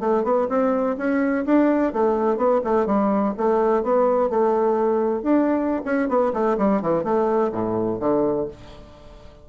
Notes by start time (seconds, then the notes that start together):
0.00 A3
0.24 B3
0.49 C4
0.97 C#4
1.45 D4
1.93 A3
2.37 B3
2.64 A3
2.86 G3
3.37 A3
3.83 B3
4.30 A3
5.23 D4
5.85 C#4
6.09 B3
6.33 A3
6.58 G3
6.82 E3
7.04 A3
7.52 A2
8.00 D3